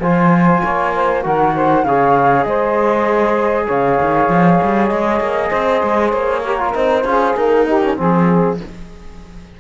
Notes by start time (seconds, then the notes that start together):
0.00 F3 F4 C5 G#5
0.63 A#3 C#5
0.94 C5
1.23 D#3 F#4 A#4 F#5
1.55 C5
1.84 C#3 G#4 C#5 F5
2.43 G#3 C5 D#5
3.66 C#3 C#5 F5
4.01 D#3
4.29 F3
4.63 G3
4.87 G#3 D#5
5.20 A#3
5.49 C4 C5
5.83 G#3
6.10 A#3 C#5
6.44 G4 A#4
6.59 F4
6.74 C4 D#4 C5
7.04 C#4 F4 G#4
7.36 A#3 D#4 A#4
7.66 D#4 G4
7.82 C#4
7.96 F3 C4 G#4